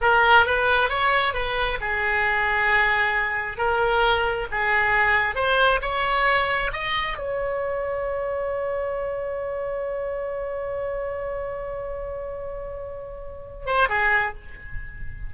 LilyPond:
\new Staff \with { instrumentName = "oboe" } { \time 4/4 \tempo 4 = 134 ais'4 b'4 cis''4 b'4 | gis'1 | ais'2 gis'2 | c''4 cis''2 dis''4 |
cis''1~ | cis''1~ | cis''1~ | cis''2~ cis''8 c''8 gis'4 | }